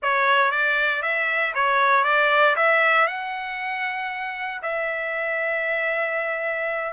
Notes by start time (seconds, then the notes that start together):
0.02 C#5
0.51 D5
1.02 E5
1.54 C#5
2.04 D5
2.55 E5
3.07 F#5
4.62 E5